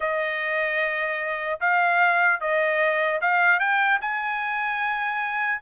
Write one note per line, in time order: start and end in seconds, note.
0.00 1.60 D#5
1.60 2.40 F5
2.40 3.20 D#5
3.21 3.59 F5
3.59 3.99 G5
4.01 5.61 G#5